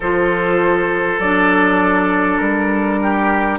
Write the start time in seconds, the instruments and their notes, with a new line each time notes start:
0.00 bassoon F3, clarinet F4, oboe A4, flute C5
1.18 bassoon F#3, clarinet D4, flute D5
2.38 bassoon G3, flute A#4
3.02 oboe G4